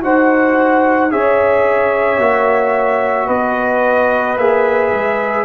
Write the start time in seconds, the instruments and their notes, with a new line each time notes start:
0.00 tuba D#4, trombone F#4, horn C5, trumpet F#5
1.10 tuba C#4, trombone G#4, horn C#5, trumpet E5
2.18 tuba A#3, trombone F#4
3.27 tuba B3, horn B4, trumpet D#5
4.37 tuba A#3, trombone G#4, trumpet E5
4.92 tuba G#3